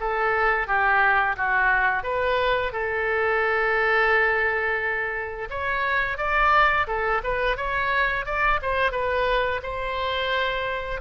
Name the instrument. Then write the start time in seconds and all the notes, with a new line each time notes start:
oboe
0.00 A4
0.67 G4
1.37 F#4
2.03 B4
2.72 A4
5.50 C#5
6.18 D5
6.87 A4
7.24 B4
7.57 C#5
8.26 D5
8.62 C5
8.92 B4
9.63 C5